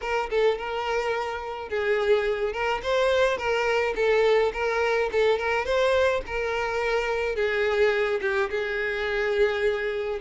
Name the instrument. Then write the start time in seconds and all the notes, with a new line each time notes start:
violin
0.01 A#4
0.30 A4
0.58 A#4
1.69 G#4
2.53 A#4
2.83 C5
3.37 A#4
3.95 A4
4.53 A#4
5.11 A4
5.38 A#4
5.65 C5
6.26 A#4
7.35 G#4
8.21 G4
8.50 G#4